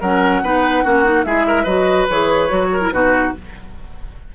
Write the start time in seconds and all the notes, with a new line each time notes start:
0.00 F#3 C#4 A#4 F#5
0.42 B3 D#4 B4
0.83 A#3 C#4 F#4
1.04 D#4
1.23 G#3 E4 G#4 E5
1.47 A#4
1.63 F#3 F#4 B4 D#5
2.09 E3 G#4 C#5
2.49 F#3 F#4
2.72 A#4
2.81 E4
2.91 B2 D#4 F#4 B4